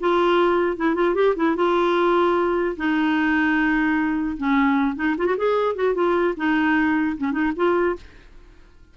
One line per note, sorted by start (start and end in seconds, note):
0.00 0.77 F4
0.77 0.95 E4
0.95 1.15 F4
1.15 1.35 G4
1.36 1.56 E4
1.56 2.76 F4
2.77 4.37 D#4
4.37 4.95 C#4
4.95 5.15 D#4
5.18 5.26 F4
5.26 5.36 F#4
5.37 5.75 G#4
5.75 5.94 F#4
5.94 6.34 F4
6.37 7.17 D#4
7.17 7.32 C#4
7.32 7.52 D#4
7.56 7.96 F4